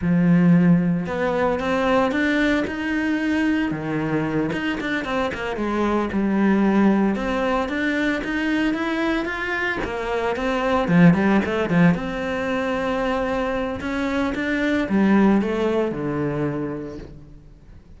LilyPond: \new Staff \with { instrumentName = "cello" } { \time 4/4 \tempo 4 = 113 f2 b4 c'4 | d'4 dis'2 dis4~ | dis8 dis'8 d'8 c'8 ais8 gis4 g8~ | g4. c'4 d'4 dis'8~ |
dis'8 e'4 f'4 ais4 c'8~ | c'8 f8 g8 a8 f8 c'4.~ | c'2 cis'4 d'4 | g4 a4 d2 | }